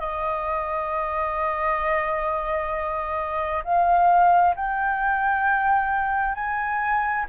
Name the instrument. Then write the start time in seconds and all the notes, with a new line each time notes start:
flute
0.00 D#5
3.64 F5
4.56 G5
6.35 G#5